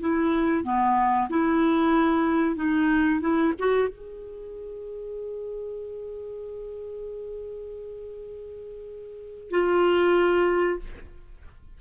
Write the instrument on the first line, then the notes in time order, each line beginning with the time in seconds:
clarinet
0.00 E4
0.64 B3
1.29 E4
2.56 D#4
3.21 E4
3.59 F#4
3.89 G#4
9.50 F4